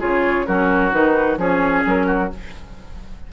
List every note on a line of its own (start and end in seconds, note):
0.00 0.48 C#3
0.00 0.46 F4
0.00 0.46 G#4
0.00 0.46 C#5
0.46 0.93 F#3
0.46 0.92 C#4
0.46 1.39 F#4
0.46 0.92 A#4
0.92 1.37 D#3
0.92 1.37 D#4
0.92 1.39 B4
1.37 1.83 F3
1.37 2.30 C#4
1.37 2.07 G#4
1.37 1.86 C#5
1.86 2.32 F#3
1.86 2.33 A#4
2.07 2.30 F#4